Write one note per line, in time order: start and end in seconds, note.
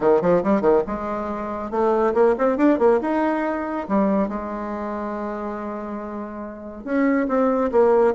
0.00 0.21 D#3
0.21 0.43 F3
0.43 0.61 G3
0.61 0.82 D#3
0.86 1.70 G#3
1.70 2.13 A3
2.14 2.35 A#3
2.38 2.57 C4
2.57 2.78 D4
2.78 3.00 A#3
3.01 3.87 D#4
3.88 4.28 G3
4.28 6.84 G#3
6.84 7.27 C#4
7.28 7.70 C4
7.71 8.14 A#3